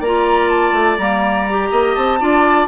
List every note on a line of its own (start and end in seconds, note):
0.00 0.73 A#3
0.00 0.99 F4
0.00 1.69 D5
0.00 0.49 A#5
0.49 0.97 A5
0.73 0.97 A3
0.98 1.71 G3
0.98 1.48 A#3
0.98 1.95 A#5
1.49 2.20 G4
1.71 1.96 A#3
1.71 2.19 D#5
1.95 2.21 C4
1.95 2.67 A5
2.20 2.68 D4
2.20 2.68 F4
2.20 2.68 D5